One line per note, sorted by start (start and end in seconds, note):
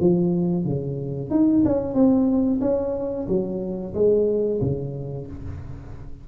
0.00 0.64 F3
0.64 1.30 C#3
1.30 1.63 D#4
1.65 1.94 C#4
1.94 2.60 C4
2.61 3.27 C#4
3.28 3.94 F#3
3.94 4.60 G#3
4.61 5.27 C#3